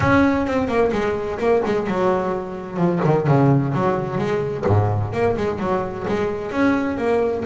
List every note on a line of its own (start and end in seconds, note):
0.00 0.46 C#4
0.46 0.67 C4
0.67 0.91 A#3
0.92 1.38 G#3
1.38 1.62 A#3
1.65 1.87 G#3
1.87 2.76 F#3
2.76 3.00 F3
3.04 3.27 D#3
3.27 3.73 C#3
3.73 4.18 F#3
4.18 4.64 G#3
4.66 5.12 G#2
5.12 5.36 A#3
5.36 5.59 G#3
5.59 6.05 F#3
6.08 6.51 G#3
6.51 6.97 C#4
6.97 7.44 A#3